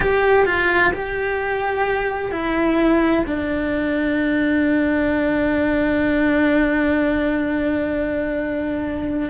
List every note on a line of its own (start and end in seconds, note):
0.00 0.45 G4
0.45 0.92 F4
0.93 2.31 G4
2.31 3.24 E4
3.26 9.29 D4